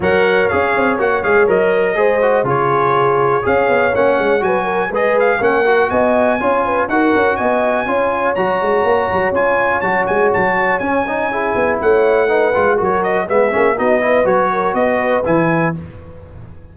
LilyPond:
<<
  \new Staff \with { instrumentName = "trumpet" } { \time 4/4 \tempo 4 = 122 fis''4 f''4 fis''8 f''8 dis''4~ | dis''4 cis''2 f''4 | fis''4 gis''4 dis''8 f''8 fis''4 | gis''2 fis''4 gis''4~ |
gis''4 ais''2 gis''4 | a''8 gis''8 a''4 gis''2 | fis''2 cis''8 dis''8 e''4 | dis''4 cis''4 dis''4 gis''4 | }
  \new Staff \with { instrumentName = "horn" } { \time 4/4 cis''1 | c''4 gis'2 cis''4~ | cis''4 b'8 ais'8 b'4 ais'4 | dis''4 cis''8 b'8 ais'4 dis''4 |
cis''1~ | cis''2. gis'4 | cis''4 b'4 ais'4 gis'4 | fis'8 b'4 ais'8 b'2 | }
  \new Staff \with { instrumentName = "trombone" } { \time 4/4 ais'4 gis'4 fis'8 gis'8 ais'4 | gis'8 fis'8 f'2 gis'4 | cis'4 fis'4 gis'4 cis'8 fis'8~ | fis'4 f'4 fis'2 |
f'4 fis'2 f'4 | fis'2 cis'8 dis'8 e'4~ | e'4 dis'8 f'8 fis'4 b8 cis'8 | dis'8 e'8 fis'2 e'4 | }
  \new Staff \with { instrumentName = "tuba" } { \time 4/4 fis4 cis'8 c'8 ais8 gis8 fis4 | gis4 cis2 cis'8 b8 | ais8 gis8 fis4 gis4 ais4 | b4 cis'4 dis'8 cis'8 b4 |
cis'4 fis8 gis8 ais8 fis8 cis'4 | fis8 gis8 fis4 cis'4. b8 | a4. gis8 fis4 gis8 ais8 | b4 fis4 b4 e4 | }
>>